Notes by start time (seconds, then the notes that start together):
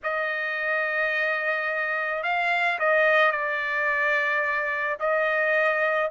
0.03 D#5
2.23 F5
2.79 D#5
3.31 D5
4.99 D#5